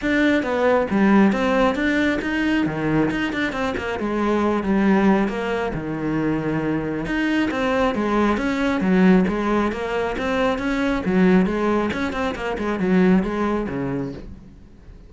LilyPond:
\new Staff \with { instrumentName = "cello" } { \time 4/4 \tempo 4 = 136 d'4 b4 g4 c'4 | d'4 dis'4 dis4 dis'8 d'8 | c'8 ais8 gis4. g4. | ais4 dis2. |
dis'4 c'4 gis4 cis'4 | fis4 gis4 ais4 c'4 | cis'4 fis4 gis4 cis'8 c'8 | ais8 gis8 fis4 gis4 cis4 | }